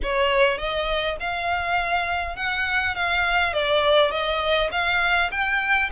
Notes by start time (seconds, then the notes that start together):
0.02 C#5
0.57 D#5
1.20 F5
2.36 F#5
2.95 F5
3.53 D5
4.11 D#5
4.71 F5
5.31 G5